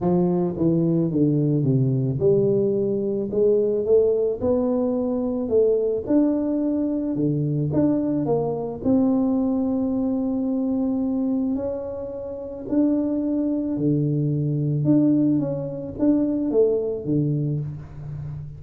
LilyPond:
\new Staff \with { instrumentName = "tuba" } { \time 4/4 \tempo 4 = 109 f4 e4 d4 c4 | g2 gis4 a4 | b2 a4 d'4~ | d'4 d4 d'4 ais4 |
c'1~ | c'4 cis'2 d'4~ | d'4 d2 d'4 | cis'4 d'4 a4 d4 | }